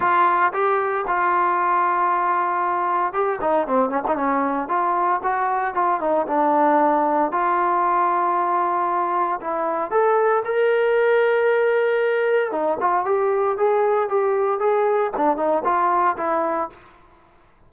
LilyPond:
\new Staff \with { instrumentName = "trombone" } { \time 4/4 \tempo 4 = 115 f'4 g'4 f'2~ | f'2 g'8 dis'8 c'8 cis'16 dis'16 | cis'4 f'4 fis'4 f'8 dis'8 | d'2 f'2~ |
f'2 e'4 a'4 | ais'1 | dis'8 f'8 g'4 gis'4 g'4 | gis'4 d'8 dis'8 f'4 e'4 | }